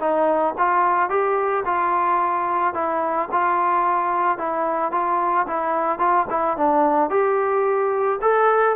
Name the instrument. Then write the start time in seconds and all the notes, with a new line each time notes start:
trombone
0.00 D#4
0.58 F4
1.10 G4
1.65 F4
2.74 E4
3.31 F4
4.38 E4
4.92 F4
5.47 E4
5.99 F4
6.30 E4
6.57 D4
7.10 G4
8.22 A4